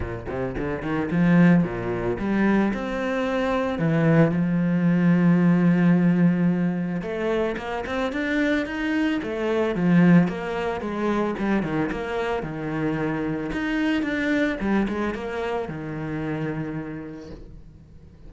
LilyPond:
\new Staff \with { instrumentName = "cello" } { \time 4/4 \tempo 4 = 111 ais,8 c8 d8 dis8 f4 ais,4 | g4 c'2 e4 | f1~ | f4 a4 ais8 c'8 d'4 |
dis'4 a4 f4 ais4 | gis4 g8 dis8 ais4 dis4~ | dis4 dis'4 d'4 g8 gis8 | ais4 dis2. | }